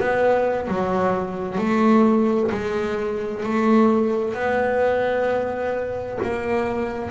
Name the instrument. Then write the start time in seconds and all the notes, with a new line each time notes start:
double bass
0.00 B3
0.68 F#3
1.59 A3
2.51 G#3
3.44 A3
4.34 B3
6.23 A#3